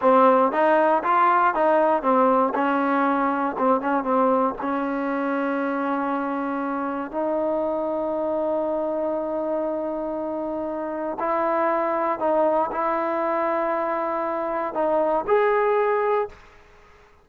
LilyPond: \new Staff \with { instrumentName = "trombone" } { \time 4/4 \tempo 4 = 118 c'4 dis'4 f'4 dis'4 | c'4 cis'2 c'8 cis'8 | c'4 cis'2.~ | cis'2 dis'2~ |
dis'1~ | dis'2 e'2 | dis'4 e'2.~ | e'4 dis'4 gis'2 | }